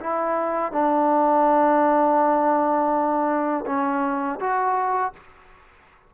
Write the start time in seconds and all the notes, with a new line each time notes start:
0.00 E4
0.72 D4
3.66 C#4
4.39 F#4